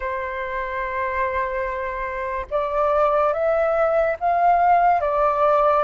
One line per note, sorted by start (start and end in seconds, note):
0.00 2.46 C5
2.50 3.33 D5
3.33 4.16 E5
4.19 5.00 F5
5.00 5.83 D5